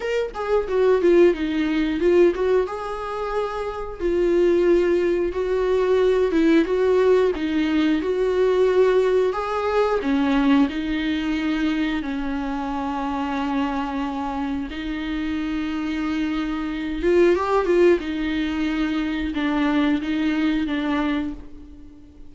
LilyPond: \new Staff \with { instrumentName = "viola" } { \time 4/4 \tempo 4 = 90 ais'8 gis'8 fis'8 f'8 dis'4 f'8 fis'8 | gis'2 f'2 | fis'4. e'8 fis'4 dis'4 | fis'2 gis'4 cis'4 |
dis'2 cis'2~ | cis'2 dis'2~ | dis'4. f'8 g'8 f'8 dis'4~ | dis'4 d'4 dis'4 d'4 | }